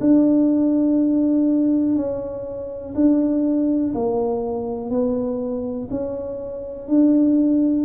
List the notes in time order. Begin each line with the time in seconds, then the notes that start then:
0.00 D4
1.95 C#4
2.95 D4
3.94 A#3
4.90 B3
5.90 C#4
6.88 D4